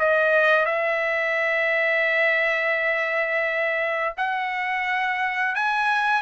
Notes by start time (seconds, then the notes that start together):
0.00 D#5
0.66 E5
4.18 F#5
5.56 G#5